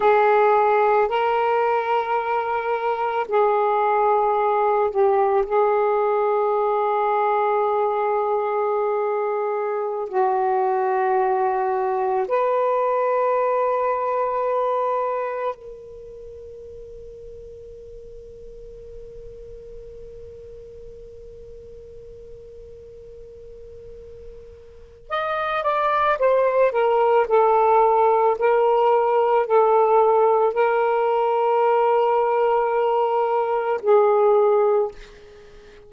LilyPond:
\new Staff \with { instrumentName = "saxophone" } { \time 4/4 \tempo 4 = 55 gis'4 ais'2 gis'4~ | gis'8 g'8 gis'2.~ | gis'4~ gis'16 fis'2 b'8.~ | b'2~ b'16 ais'4.~ ais'16~ |
ais'1~ | ais'2. dis''8 d''8 | c''8 ais'8 a'4 ais'4 a'4 | ais'2. gis'4 | }